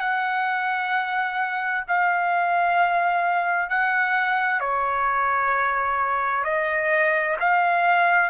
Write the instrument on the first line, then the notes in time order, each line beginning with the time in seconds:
trumpet
0.00 F#5
1.88 F5
3.70 F#5
4.60 C#5
6.44 D#5
7.40 F5